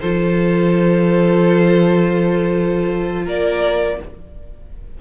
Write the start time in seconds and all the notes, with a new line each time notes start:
0.00 F3 F4 A4 C5
3.25 A#3 A#4 D5